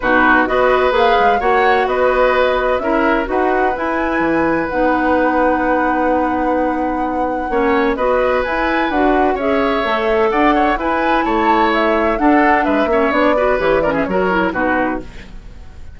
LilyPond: <<
  \new Staff \with { instrumentName = "flute" } { \time 4/4 \tempo 4 = 128 b'4 dis''4 f''4 fis''4 | dis''2 e''4 fis''4 | gis''2 fis''2~ | fis''1~ |
fis''4 dis''4 gis''4 fis''4 | e''2 fis''4 gis''4 | a''4 e''4 fis''4 e''4 | d''4 cis''8 d''16 e''16 cis''4 b'4 | }
  \new Staff \with { instrumentName = "oboe" } { \time 4/4 fis'4 b'2 cis''4 | b'2 ais'4 b'4~ | b'1~ | b'1 |
cis''4 b'2. | cis''2 d''8 cis''8 b'4 | cis''2 a'4 b'8 cis''8~ | cis''8 b'4 ais'16 gis'16 ais'4 fis'4 | }
  \new Staff \with { instrumentName = "clarinet" } { \time 4/4 dis'4 fis'4 gis'4 fis'4~ | fis'2 e'4 fis'4 | e'2 dis'2~ | dis'1 |
cis'4 fis'4 e'4 fis'4 | gis'4 a'2 e'4~ | e'2 d'4. cis'8 | d'8 fis'8 g'8 cis'8 fis'8 e'8 dis'4 | }
  \new Staff \with { instrumentName = "bassoon" } { \time 4/4 b,4 b4 ais8 gis8 ais4 | b2 cis'4 dis'4 | e'4 e4 b2~ | b1 |
ais4 b4 e'4 d'4 | cis'4 a4 d'4 e'4 | a2 d'4 gis8 ais8 | b4 e4 fis4 b,4 | }
>>